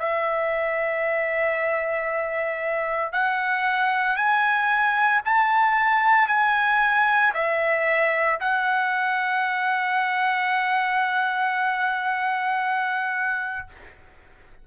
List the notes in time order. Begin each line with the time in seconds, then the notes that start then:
0.00 E5
3.13 F#5
4.16 G#5
5.25 A5
6.28 G#5
7.34 E5
8.41 F#5